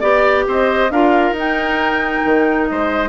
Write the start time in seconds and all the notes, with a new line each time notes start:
0.00 B3 G4 D5
0.48 C4 C5 D#5
0.91 D4 F4 A#4 F5
1.32 D#4
1.40 G5
2.25 D#3
2.67 G#3 C5 D#5